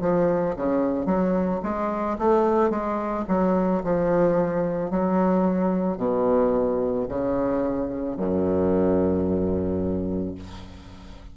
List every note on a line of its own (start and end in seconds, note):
0.00 0.55 F3
0.56 1.05 C#3
1.05 1.60 F#3
1.62 2.17 G#3
2.18 2.70 A3
2.70 3.24 G#3
3.28 3.82 F#3
3.83 4.90 F3
4.90 5.97 F#3
5.97 7.06 B2
7.08 8.16 C#3
8.16 10.34 F#2